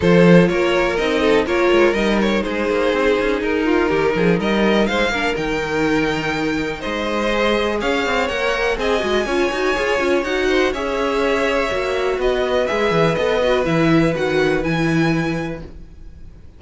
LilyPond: <<
  \new Staff \with { instrumentName = "violin" } { \time 4/4 \tempo 4 = 123 c''4 cis''4 dis''4 cis''4 | dis''8 cis''8 c''2 ais'4~ | ais'4 dis''4 f''4 g''4~ | g''2 dis''2 |
f''4 fis''4 gis''2~ | gis''4 fis''4 e''2~ | e''4 dis''4 e''4 dis''4 | e''4 fis''4 gis''2 | }
  \new Staff \with { instrumentName = "violin" } { \time 4/4 a'4 ais'4. a'8 ais'4~ | ais'4 gis'2~ gis'8 f'8 | g'8 gis'8 ais'4 c''8 ais'4.~ | ais'2 c''2 |
cis''2 dis''4 cis''4~ | cis''4. c''8 cis''2~ | cis''4 b'2.~ | b'1 | }
  \new Staff \with { instrumentName = "viola" } { \time 4/4 f'2 dis'4 f'4 | dis'1~ | dis'2~ dis'8 d'8 dis'4~ | dis'2. gis'4~ |
gis'4 ais'4 gis'8 fis'8 f'8 fis'8 | gis'8 f'8 fis'4 gis'2 | fis'2 gis'4 a'8 fis'8 | e'4 fis'4 e'2 | }
  \new Staff \with { instrumentName = "cello" } { \time 4/4 f4 ais4 c'4 ais8 gis8 | g4 gis8 ais8 c'8 cis'8 dis'4 | dis8 f8 g4 gis8 ais8 dis4~ | dis2 gis2 |
cis'8 c'8 ais4 c'8 gis8 cis'8 dis'8 | f'8 cis'8 dis'4 cis'2 | ais4 b4 gis8 e8 b4 | e4 dis4 e2 | }
>>